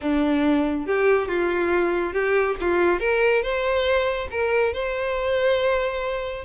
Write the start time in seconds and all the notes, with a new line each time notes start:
0.01 D4
0.86 G4
1.28 F4
2.13 G4
2.60 F4
2.99 A#4
3.42 C5
4.30 A#4
4.73 C5